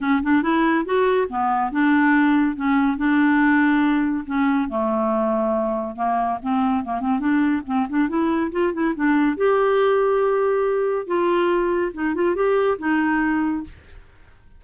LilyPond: \new Staff \with { instrumentName = "clarinet" } { \time 4/4 \tempo 4 = 141 cis'8 d'8 e'4 fis'4 b4 | d'2 cis'4 d'4~ | d'2 cis'4 a4~ | a2 ais4 c'4 |
ais8 c'8 d'4 c'8 d'8 e'4 | f'8 e'8 d'4 g'2~ | g'2 f'2 | dis'8 f'8 g'4 dis'2 | }